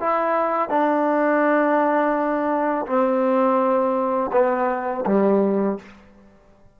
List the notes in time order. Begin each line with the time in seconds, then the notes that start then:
0.00 E4
0.69 D4
2.86 C4
4.32 B3
5.06 G3